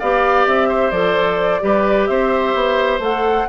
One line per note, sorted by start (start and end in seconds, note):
0.00 0.47 B3
0.00 0.93 G4
0.00 0.69 D5
0.00 0.47 F5
0.47 0.92 C4
0.47 0.91 E5
0.69 1.62 C5
0.91 1.61 F3
0.91 1.61 A4
0.91 2.07 D5
1.61 2.09 G3
1.61 3.01 G4
1.61 2.10 B4
2.07 2.55 C4
2.07 3.49 C5
2.07 3.00 E5
2.55 3.00 B3
3.00 3.46 A3
3.00 3.49 A4
3.00 3.49 F#5